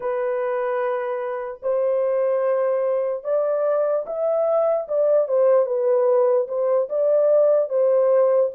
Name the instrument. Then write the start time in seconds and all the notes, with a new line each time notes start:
horn
0.00 B4
1.62 C5
3.24 D5
4.06 E5
4.88 D5
5.27 C5
5.65 B4
6.48 C5
6.89 D5
7.69 C5